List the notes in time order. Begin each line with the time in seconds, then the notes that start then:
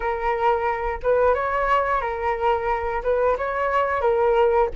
0.00 A#4
1.02 B4
1.34 C#5
2.01 A#4
3.03 B4
3.37 C#5
4.01 A#4